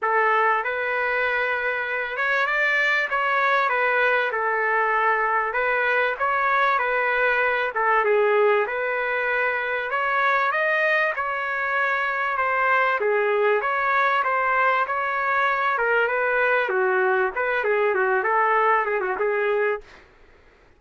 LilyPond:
\new Staff \with { instrumentName = "trumpet" } { \time 4/4 \tempo 4 = 97 a'4 b'2~ b'8 cis''8 | d''4 cis''4 b'4 a'4~ | a'4 b'4 cis''4 b'4~ | b'8 a'8 gis'4 b'2 |
cis''4 dis''4 cis''2 | c''4 gis'4 cis''4 c''4 | cis''4. ais'8 b'4 fis'4 | b'8 gis'8 fis'8 a'4 gis'16 fis'16 gis'4 | }